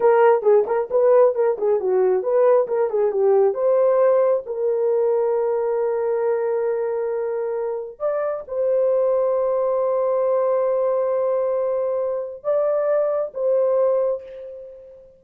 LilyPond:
\new Staff \with { instrumentName = "horn" } { \time 4/4 \tempo 4 = 135 ais'4 gis'8 ais'8 b'4 ais'8 gis'8 | fis'4 b'4 ais'8 gis'8 g'4 | c''2 ais'2~ | ais'1~ |
ais'2 d''4 c''4~ | c''1~ | c''1 | d''2 c''2 | }